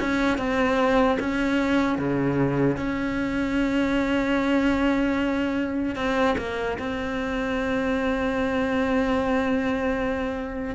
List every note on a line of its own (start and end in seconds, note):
0.00 0.38 C#4
0.38 1.18 C4
1.20 1.99 C#4
1.99 2.77 C#3
2.77 5.96 C#4
5.96 6.36 C4
6.38 6.78 A#3
6.79 10.76 C4